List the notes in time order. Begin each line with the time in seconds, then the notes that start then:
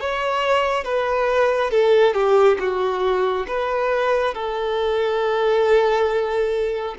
0.00 C#5
0.84 B4
1.71 A4
2.14 G4
2.59 F#4
3.47 B4
4.34 A4